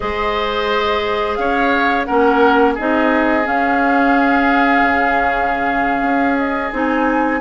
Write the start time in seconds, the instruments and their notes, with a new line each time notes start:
0.00 bassoon G#3, clarinet G#4, oboe C5, flute D#5
1.35 bassoon C#4, oboe C#5, flute F5
2.04 bassoon A#3, clarinet C#4, oboe A#4, flute F#5
2.74 bassoon C4, clarinet D#4, oboe G#4, flute D#5
3.43 clarinet C#4, bassoon C#4, flute F5
4.82 bassoon C#3
6.02 bassoon C#4
6.38 flute D#5
6.71 bassoon C4, clarinet D#4, flute G#5